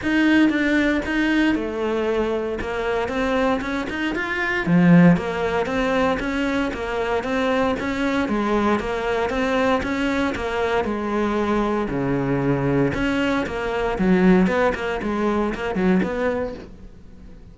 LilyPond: \new Staff \with { instrumentName = "cello" } { \time 4/4 \tempo 4 = 116 dis'4 d'4 dis'4 a4~ | a4 ais4 c'4 cis'8 dis'8 | f'4 f4 ais4 c'4 | cis'4 ais4 c'4 cis'4 |
gis4 ais4 c'4 cis'4 | ais4 gis2 cis4~ | cis4 cis'4 ais4 fis4 | b8 ais8 gis4 ais8 fis8 b4 | }